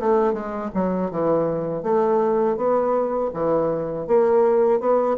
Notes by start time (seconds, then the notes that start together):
0.00 A3
0.33 G#3
0.75 F#3
1.11 E3
1.83 A3
2.57 B3
3.34 E3
4.07 A#3
4.80 B3